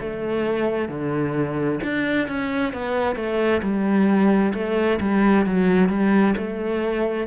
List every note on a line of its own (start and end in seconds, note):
0.00 0.88 A3
0.88 1.79 D3
1.83 2.27 D4
2.27 2.73 C#4
2.73 3.16 B3
3.16 3.61 A3
3.62 4.53 G3
4.54 4.99 A3
5.00 5.45 G3
5.46 5.89 F#3
5.89 6.34 G3
6.37 7.26 A3